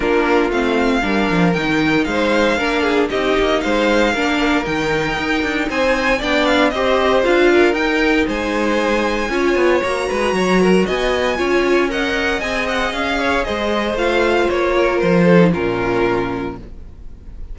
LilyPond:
<<
  \new Staff \with { instrumentName = "violin" } { \time 4/4 \tempo 4 = 116 ais'4 f''2 g''4 | f''2 dis''4 f''4~ | f''4 g''2 gis''4 | g''8 f''8 dis''4 f''4 g''4 |
gis''2. ais''4~ | ais''4 gis''2 fis''4 | gis''8 fis''8 f''4 dis''4 f''4 | cis''4 c''4 ais'2 | }
  \new Staff \with { instrumentName = "violin" } { \time 4/4 f'2 ais'2 | c''4 ais'8 gis'8 g'4 c''4 | ais'2. c''4 | d''4 c''4. ais'4. |
c''2 cis''4. b'8 | cis''8 ais'8 dis''4 cis''4 dis''4~ | dis''4. cis''8 c''2~ | c''8 ais'4 a'8 f'2 | }
  \new Staff \with { instrumentName = "viola" } { \time 4/4 d'4 c'4 d'4 dis'4~ | dis'4 d'4 dis'2 | d'4 dis'2. | d'4 g'4 f'4 dis'4~ |
dis'2 f'4 fis'4~ | fis'2 f'4 ais'4 | gis'2. f'4~ | f'4.~ f'16 dis'16 cis'2 | }
  \new Staff \with { instrumentName = "cello" } { \time 4/4 ais4 a4 g8 f8 dis4 | gis4 ais4 c'8 ais8 gis4 | ais4 dis4 dis'8 d'8 c'4 | b4 c'4 d'4 dis'4 |
gis2 cis'8 b8 ais8 gis8 | fis4 b4 cis'2 | c'4 cis'4 gis4 a4 | ais4 f4 ais,2 | }
>>